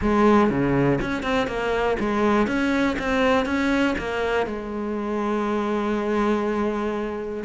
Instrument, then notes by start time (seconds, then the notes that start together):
cello
0.01 G#3
0.50 C#3
1.01 C#4
1.23 C4
1.47 A#3
1.99 G#3
2.47 C#4
2.99 C4
3.45 C#4
3.98 A#3
4.46 G#3